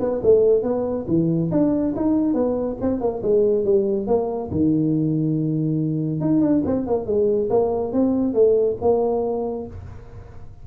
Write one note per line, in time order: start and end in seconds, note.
0.00 0.21 B3
0.23 0.63 A3
0.63 1.06 B3
1.08 1.51 E3
1.52 1.94 D4
1.96 2.34 D#4
2.34 2.77 B3
2.81 3.01 C4
3.01 3.22 A#3
3.23 3.65 G#3
3.65 4.07 G3
4.07 4.50 A#3
4.51 6.21 D#3
6.21 6.41 D#4
6.41 6.63 D4
6.66 6.87 C4
6.87 7.06 A#3
7.06 7.49 G#3
7.50 7.93 A#3
7.93 8.34 C4
8.34 8.77 A3
8.81 9.67 A#3